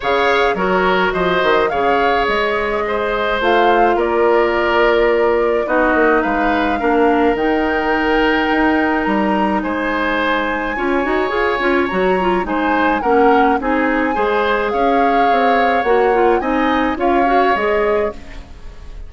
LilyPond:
<<
  \new Staff \with { instrumentName = "flute" } { \time 4/4 \tempo 4 = 106 f''4 cis''4 dis''4 f''4 | dis''2 f''4 d''4~ | d''2 dis''4 f''4~ | f''4 g''2. |
ais''4 gis''2.~ | gis''4 ais''4 gis''4 fis''4 | gis''2 f''2 | fis''4 gis''4 f''4 dis''4 | }
  \new Staff \with { instrumentName = "oboe" } { \time 4/4 cis''4 ais'4 c''4 cis''4~ | cis''4 c''2 ais'4~ | ais'2 fis'4 b'4 | ais'1~ |
ais'4 c''2 cis''4~ | cis''2 c''4 ais'4 | gis'4 c''4 cis''2~ | cis''4 dis''4 cis''2 | }
  \new Staff \with { instrumentName = "clarinet" } { \time 4/4 gis'4 fis'2 gis'4~ | gis'2 f'2~ | f'2 dis'2 | d'4 dis'2.~ |
dis'2. f'8 fis'8 | gis'8 f'8 fis'8 f'8 dis'4 cis'4 | dis'4 gis'2. | fis'8 f'8 dis'4 f'8 fis'8 gis'4 | }
  \new Staff \with { instrumentName = "bassoon" } { \time 4/4 cis4 fis4 f8 dis8 cis4 | gis2 a4 ais4~ | ais2 b8 ais8 gis4 | ais4 dis2 dis'4 |
g4 gis2 cis'8 dis'8 | f'8 cis'8 fis4 gis4 ais4 | c'4 gis4 cis'4 c'4 | ais4 c'4 cis'4 gis4 | }
>>